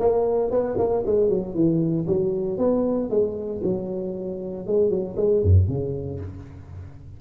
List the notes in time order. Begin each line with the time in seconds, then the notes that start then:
0.00 A#3
0.51 B3
0.78 A#3
1.06 G#3
1.29 F#3
1.54 E3
2.07 F#3
2.58 B3
3.10 G#3
3.63 F#3
4.67 G#3
4.90 F#3
5.17 G#3
5.43 F#2
5.68 C#3